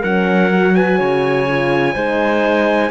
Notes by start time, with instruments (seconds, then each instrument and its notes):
0.00 cello F#3, horn C#4, clarinet A#4, trumpet F#5
0.51 horn F#4
0.75 clarinet B4, trumpet G#5
0.99 cello C#3, clarinet C#5
1.49 horn F4
1.94 cello G#3, horn D#4, clarinet C5